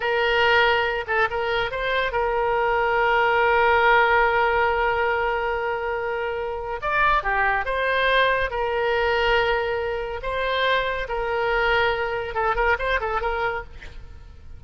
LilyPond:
\new Staff \with { instrumentName = "oboe" } { \time 4/4 \tempo 4 = 141 ais'2~ ais'8 a'8 ais'4 | c''4 ais'2.~ | ais'1~ | ais'1 |
d''4 g'4 c''2 | ais'1 | c''2 ais'2~ | ais'4 a'8 ais'8 c''8 a'8 ais'4 | }